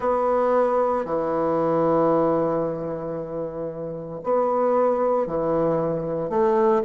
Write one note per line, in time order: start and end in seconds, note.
0.00 1.05 B3
1.05 4.21 E3
4.23 5.26 B3
5.26 6.29 E3
6.29 6.82 A3